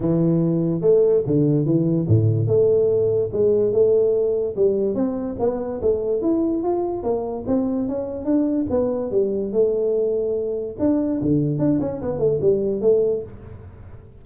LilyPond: \new Staff \with { instrumentName = "tuba" } { \time 4/4 \tempo 4 = 145 e2 a4 d4 | e4 a,4 a2 | gis4 a2 g4 | c'4 b4 a4 e'4 |
f'4 ais4 c'4 cis'4 | d'4 b4 g4 a4~ | a2 d'4 d4 | d'8 cis'8 b8 a8 g4 a4 | }